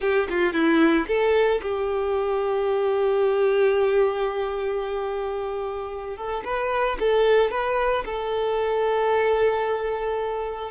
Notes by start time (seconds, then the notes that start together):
0.00 G4
0.29 F4
0.53 E4
1.07 A4
1.62 G4
6.16 A4
6.44 B4
6.99 A4
7.50 B4
8.05 A4